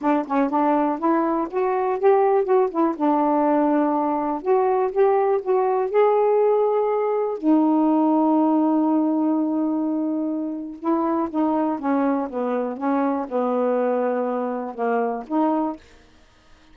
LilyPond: \new Staff \with { instrumentName = "saxophone" } { \time 4/4 \tempo 4 = 122 d'8 cis'8 d'4 e'4 fis'4 | g'4 fis'8 e'8 d'2~ | d'4 fis'4 g'4 fis'4 | gis'2. dis'4~ |
dis'1~ | dis'2 e'4 dis'4 | cis'4 b4 cis'4 b4~ | b2 ais4 dis'4 | }